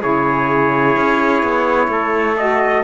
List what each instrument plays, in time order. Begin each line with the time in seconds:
0.00 cello C#3, saxophone E4, trumpet G#4 C#5
0.96 cello C#4
1.42 cello B3
1.87 cello A3, trumpet A4
2.36 saxophone F#4, trumpet D#5